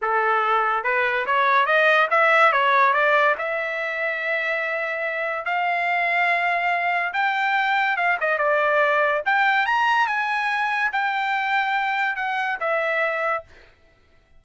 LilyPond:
\new Staff \with { instrumentName = "trumpet" } { \time 4/4 \tempo 4 = 143 a'2 b'4 cis''4 | dis''4 e''4 cis''4 d''4 | e''1~ | e''4 f''2.~ |
f''4 g''2 f''8 dis''8 | d''2 g''4 ais''4 | gis''2 g''2~ | g''4 fis''4 e''2 | }